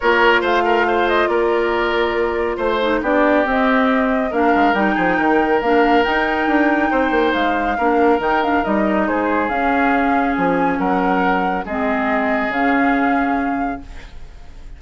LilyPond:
<<
  \new Staff \with { instrumentName = "flute" } { \time 4/4 \tempo 4 = 139 cis''4 f''4. dis''8 d''4~ | d''2 c''4 d''4 | dis''2 f''4 g''4~ | g''4 f''4 g''2~ |
g''4 f''2 g''8 f''8 | dis''4 c''4 f''2 | gis''4 fis''2 dis''4~ | dis''4 f''2. | }
  \new Staff \with { instrumentName = "oboe" } { \time 4/4 ais'4 c''8 ais'8 c''4 ais'4~ | ais'2 c''4 g'4~ | g'2 ais'4. gis'8 | ais'1 |
c''2 ais'2~ | ais'4 gis'2.~ | gis'4 ais'2 gis'4~ | gis'1 | }
  \new Staff \with { instrumentName = "clarinet" } { \time 4/4 f'1~ | f'2~ f'8 dis'8 d'4 | c'2 d'4 dis'4~ | dis'4 d'4 dis'2~ |
dis'2 d'4 dis'8 d'8 | dis'2 cis'2~ | cis'2. c'4~ | c'4 cis'2. | }
  \new Staff \with { instrumentName = "bassoon" } { \time 4/4 ais4 a2 ais4~ | ais2 a4 b4 | c'2 ais8 gis8 g8 f8 | dis4 ais4 dis'4 d'4 |
c'8 ais8 gis4 ais4 dis4 | g4 gis4 cis'2 | f4 fis2 gis4~ | gis4 cis2. | }
>>